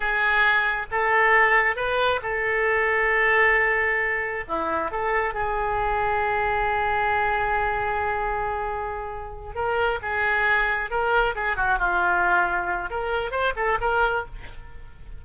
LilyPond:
\new Staff \with { instrumentName = "oboe" } { \time 4/4 \tempo 4 = 135 gis'2 a'2 | b'4 a'2.~ | a'2 e'4 a'4 | gis'1~ |
gis'1~ | gis'4. ais'4 gis'4.~ | gis'8 ais'4 gis'8 fis'8 f'4.~ | f'4 ais'4 c''8 a'8 ais'4 | }